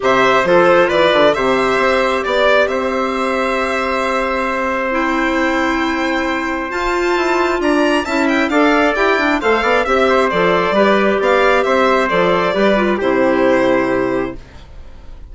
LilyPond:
<<
  \new Staff \with { instrumentName = "violin" } { \time 4/4 \tempo 4 = 134 e''4 c''4 d''4 e''4~ | e''4 d''4 e''2~ | e''2. g''4~ | g''2. a''4~ |
a''4 ais''4 a''8 g''8 f''4 | g''4 f''4 e''4 d''4~ | d''4 f''4 e''4 d''4~ | d''4 c''2. | }
  \new Staff \with { instrumentName = "trumpet" } { \time 4/4 c''4 a'4 b'4 c''4~ | c''4 d''4 c''2~ | c''1~ | c''1~ |
c''4 d''4 e''4 d''4~ | d''4 c''8 d''8 e''8 c''4. | b'4 d''4 c''2 | b'4 g'2. | }
  \new Staff \with { instrumentName = "clarinet" } { \time 4/4 g'4 f'2 g'4~ | g'1~ | g'2. e'4~ | e'2. f'4~ |
f'2 e'4 a'4 | g'8 d'8 a'4 g'4 a'4 | g'2. a'4 | g'8 f'8 e'2. | }
  \new Staff \with { instrumentName = "bassoon" } { \time 4/4 c4 f4 e8 d8 c4 | c'4 b4 c'2~ | c'1~ | c'2. f'4 |
e'4 d'4 cis'4 d'4 | e'4 a8 b8 c'4 f4 | g4 b4 c'4 f4 | g4 c2. | }
>>